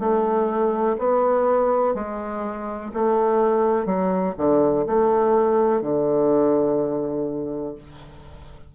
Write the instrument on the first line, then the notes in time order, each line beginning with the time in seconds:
bassoon
0.00 A3
0.99 B3
1.95 G#3
2.94 A3
3.86 F#3
4.38 D3
4.87 A3
5.82 D3